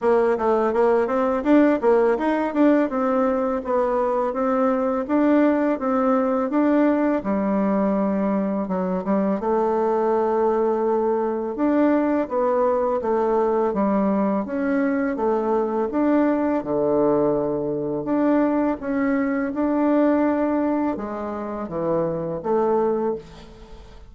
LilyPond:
\new Staff \with { instrumentName = "bassoon" } { \time 4/4 \tempo 4 = 83 ais8 a8 ais8 c'8 d'8 ais8 dis'8 d'8 | c'4 b4 c'4 d'4 | c'4 d'4 g2 | fis8 g8 a2. |
d'4 b4 a4 g4 | cis'4 a4 d'4 d4~ | d4 d'4 cis'4 d'4~ | d'4 gis4 e4 a4 | }